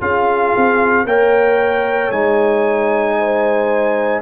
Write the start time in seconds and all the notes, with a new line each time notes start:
0.00 C#4 F4 G#4 F5
0.56 C4
1.04 A#3 A#4 C#5 G5
2.11 G#3 D#4 G#5
3.18 C5